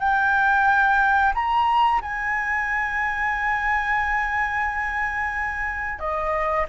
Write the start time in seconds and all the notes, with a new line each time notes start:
0.00 G5
1.35 A#5
2.02 G#5
5.99 D#5